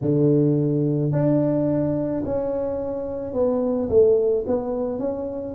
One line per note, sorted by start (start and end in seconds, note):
0.01 1.12 D3
1.12 2.23 D4
2.25 3.33 C#4
3.33 3.88 B3
3.89 4.44 A3
4.46 4.99 B3
4.99 5.54 C#4